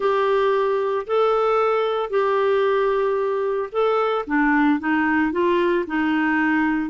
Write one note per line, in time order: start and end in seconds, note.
0.00 1.06 G4
1.06 2.10 A4
2.10 3.69 G4
3.72 4.25 A4
4.26 4.79 D4
4.79 5.32 D#4
5.32 5.85 F4
5.86 6.90 D#4